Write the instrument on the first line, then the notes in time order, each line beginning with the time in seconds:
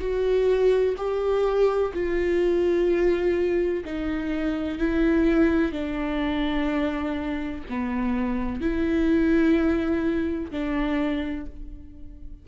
viola
0.00 F#4
0.97 G4
1.94 F4
3.84 D#4
4.78 E4
5.72 D4
7.69 B3
8.61 E4
10.51 D4